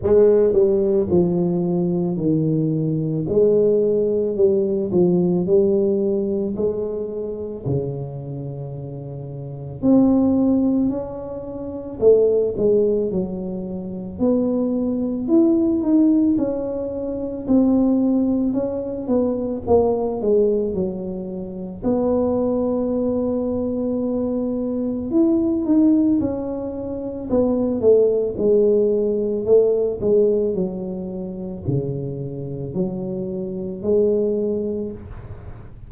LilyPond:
\new Staff \with { instrumentName = "tuba" } { \time 4/4 \tempo 4 = 55 gis8 g8 f4 dis4 gis4 | g8 f8 g4 gis4 cis4~ | cis4 c'4 cis'4 a8 gis8 | fis4 b4 e'8 dis'8 cis'4 |
c'4 cis'8 b8 ais8 gis8 fis4 | b2. e'8 dis'8 | cis'4 b8 a8 gis4 a8 gis8 | fis4 cis4 fis4 gis4 | }